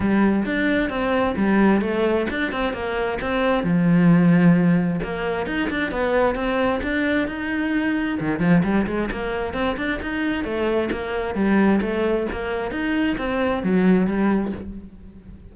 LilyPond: \new Staff \with { instrumentName = "cello" } { \time 4/4 \tempo 4 = 132 g4 d'4 c'4 g4 | a4 d'8 c'8 ais4 c'4 | f2. ais4 | dis'8 d'8 b4 c'4 d'4 |
dis'2 dis8 f8 g8 gis8 | ais4 c'8 d'8 dis'4 a4 | ais4 g4 a4 ais4 | dis'4 c'4 fis4 g4 | }